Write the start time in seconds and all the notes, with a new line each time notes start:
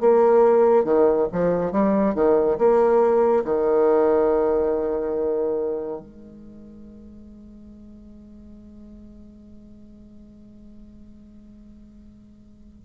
0.00 A#3
0.84 D#3
1.32 F3
1.71 G3
2.14 D#3
2.58 A#3
3.44 D#3
6.00 G#3